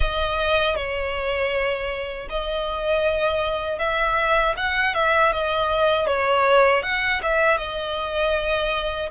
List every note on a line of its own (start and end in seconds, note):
0.00 0.76 D#5
0.76 2.28 C#5
2.29 3.78 D#5
3.78 4.54 E5
4.56 4.94 F#5
4.94 5.32 E5
5.32 6.07 D#5
6.07 6.82 C#5
6.82 7.20 F#5
7.22 7.57 E5
7.57 9.09 D#5